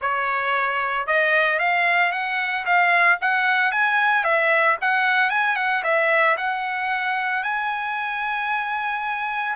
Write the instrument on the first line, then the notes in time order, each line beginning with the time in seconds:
trumpet
0.01 C#5
1.06 D#5
1.59 F5
2.11 F#5
2.65 F5
3.21 F#5
3.71 G#5
4.23 E5
4.81 F#5
5.30 G#5
5.56 F#5
5.83 E5
6.37 F#5
7.43 G#5